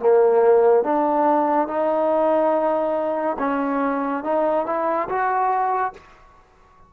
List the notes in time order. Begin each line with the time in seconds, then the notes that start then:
0.00 A#3
0.84 D4
1.68 D#4
3.39 C#4
4.24 D#4
4.66 E4
5.09 F#4